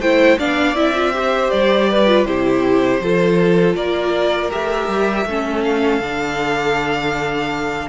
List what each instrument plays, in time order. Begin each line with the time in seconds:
0.00 cello A3, viola E4, violin C5 G5
0.38 cello B3, viola D4, violin D5 F5
0.75 cello C4, viola E4, violin E5
0.94 viola F4
1.13 viola G4, violin C5
1.50 cello G3, violin D5
1.90 violin B4
2.07 viola F4
2.25 cello C3, viola E4, violin G4 C5
3.00 cello F3, viola F4, violin A4
3.75 cello A#3, violin A#4 D5
4.51 cello A3, viola G4, violin E5
4.88 cello G3
5.25 cello A3, viola C#4, violin A4
5.64 violin F5
6.00 cello D3, viola D4